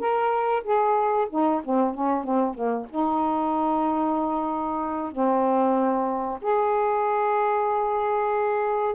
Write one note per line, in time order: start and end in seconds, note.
0.00 0.64 A#4
0.64 1.28 G#4
1.30 1.62 D#4
1.65 1.95 C4
1.95 2.24 C#4
2.24 2.55 C4
2.55 2.87 A#3
2.90 5.12 D#4
5.12 6.40 C4
6.42 8.96 G#4